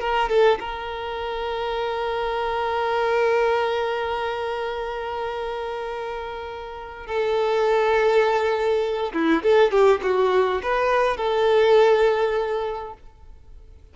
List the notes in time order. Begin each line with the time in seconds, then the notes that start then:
0.00 A#4
0.29 A4
0.60 A#4
7.07 A4
9.13 E4
9.43 A4
9.71 G4
10.02 F#4
10.62 B4
11.17 A4